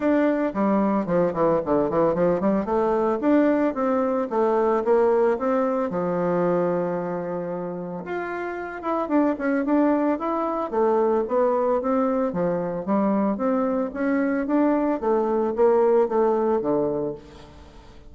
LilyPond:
\new Staff \with { instrumentName = "bassoon" } { \time 4/4 \tempo 4 = 112 d'4 g4 f8 e8 d8 e8 | f8 g8 a4 d'4 c'4 | a4 ais4 c'4 f4~ | f2. f'4~ |
f'8 e'8 d'8 cis'8 d'4 e'4 | a4 b4 c'4 f4 | g4 c'4 cis'4 d'4 | a4 ais4 a4 d4 | }